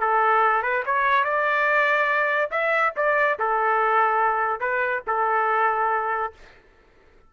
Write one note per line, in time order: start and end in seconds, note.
0.00 0.62 A4
0.62 0.83 B4
0.86 1.24 C#5
1.24 2.50 D5
2.51 2.93 E5
2.96 3.38 D5
3.39 4.60 A4
4.60 5.02 B4
5.07 6.33 A4